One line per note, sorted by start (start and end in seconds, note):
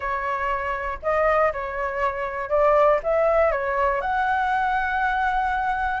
0.00 0.98 C#5
1.02 1.52 D#5
1.52 2.49 C#5
2.49 2.99 D5
3.03 3.51 E5
3.51 4.01 C#5
4.01 6.00 F#5